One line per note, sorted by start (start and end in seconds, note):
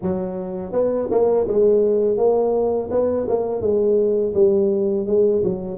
0.02 0.72 F#3
0.72 1.08 B3
1.10 1.47 A#3
1.47 2.17 G#3
2.17 2.89 A#3
2.90 3.27 B3
3.28 3.61 A#3
3.61 4.33 G#3
4.34 5.06 G3
5.06 5.42 G#3
5.43 5.77 F#3